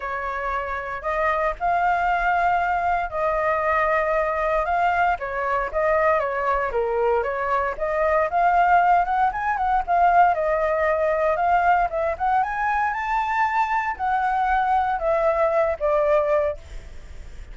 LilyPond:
\new Staff \with { instrumentName = "flute" } { \time 4/4 \tempo 4 = 116 cis''2 dis''4 f''4~ | f''2 dis''2~ | dis''4 f''4 cis''4 dis''4 | cis''4 ais'4 cis''4 dis''4 |
f''4. fis''8 gis''8 fis''8 f''4 | dis''2 f''4 e''8 fis''8 | gis''4 a''2 fis''4~ | fis''4 e''4. d''4. | }